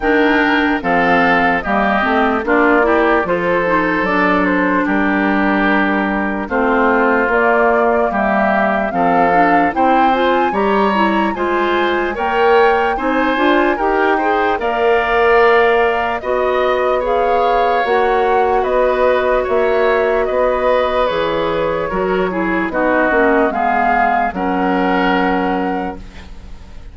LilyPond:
<<
  \new Staff \with { instrumentName = "flute" } { \time 4/4 \tempo 4 = 74 g''4 f''4 dis''4 d''4 | c''4 d''8 c''8 ais'2 | c''4 d''4 e''4 f''4 | g''8 gis''8 ais''4 gis''4 g''4 |
gis''4 g''4 f''2 | dis''4 f''4 fis''4 dis''4 | e''4 dis''4 cis''2 | dis''4 f''4 fis''2 | }
  \new Staff \with { instrumentName = "oboe" } { \time 4/4 ais'4 a'4 g'4 f'8 g'8 | a'2 g'2 | f'2 g'4 a'4 | c''4 cis''4 c''4 cis''4 |
c''4 ais'8 c''8 d''2 | dis''4 cis''2 b'4 | cis''4 b'2 ais'8 gis'8 | fis'4 gis'4 ais'2 | }
  \new Staff \with { instrumentName = "clarinet" } { \time 4/4 d'4 c'4 ais8 c'8 d'8 e'8 | f'8 dis'8 d'2. | c'4 ais2 c'8 d'8 | e'8 f'8 g'8 e'8 f'4 ais'4 |
dis'8 f'8 g'8 gis'8 ais'2 | fis'4 gis'4 fis'2~ | fis'2 gis'4 fis'8 e'8 | dis'8 cis'8 b4 cis'2 | }
  \new Staff \with { instrumentName = "bassoon" } { \time 4/4 dis4 f4 g8 a8 ais4 | f4 fis4 g2 | a4 ais4 g4 f4 | c'4 g4 gis4 ais4 |
c'8 d'8 dis'4 ais2 | b2 ais4 b4 | ais4 b4 e4 fis4 | b8 ais8 gis4 fis2 | }
>>